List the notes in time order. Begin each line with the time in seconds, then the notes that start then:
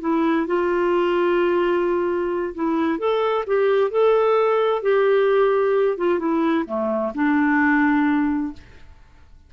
0.00 E4
0.46 F4
2.54 E4
2.98 A4
3.46 G4
3.90 A4
4.82 G4
5.97 F4
6.19 E4
6.66 A3
7.14 D4